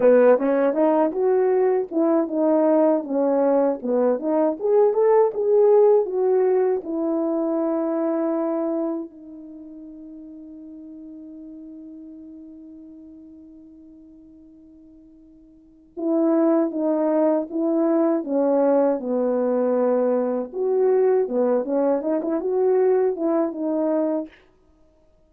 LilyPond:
\new Staff \with { instrumentName = "horn" } { \time 4/4 \tempo 4 = 79 b8 cis'8 dis'8 fis'4 e'8 dis'4 | cis'4 b8 dis'8 gis'8 a'8 gis'4 | fis'4 e'2. | dis'1~ |
dis'1~ | dis'4 e'4 dis'4 e'4 | cis'4 b2 fis'4 | b8 cis'8 dis'16 e'16 fis'4 e'8 dis'4 | }